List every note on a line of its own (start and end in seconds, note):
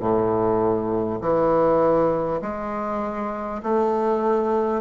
0.00 1.20 A2
1.21 2.41 E3
2.42 3.62 G#3
3.63 4.82 A3